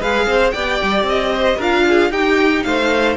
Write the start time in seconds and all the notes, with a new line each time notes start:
0.00 G#3 G#4 B4 F5
0.26 C4 C5
0.51 B3 G4 D5 G5
0.83 G3
1.03 C4
1.09 D#5
1.33 C5
1.57 D4 F4 A#4 F5
1.88 G#4
2.10 D#4 G4 G5
2.63 A3 C5 F5